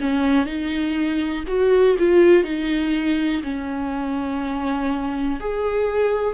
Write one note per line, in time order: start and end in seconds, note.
0.00 0.45 C#4
0.45 1.44 D#4
1.47 1.96 F#4
1.98 2.43 F4
2.43 3.42 D#4
3.42 5.39 C#4
5.40 6.34 G#4